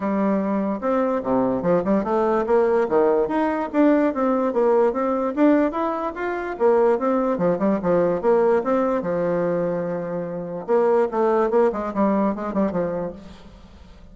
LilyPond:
\new Staff \with { instrumentName = "bassoon" } { \time 4/4 \tempo 4 = 146 g2 c'4 c4 | f8 g8 a4 ais4 dis4 | dis'4 d'4 c'4 ais4 | c'4 d'4 e'4 f'4 |
ais4 c'4 f8 g8 f4 | ais4 c'4 f2~ | f2 ais4 a4 | ais8 gis8 g4 gis8 g8 f4 | }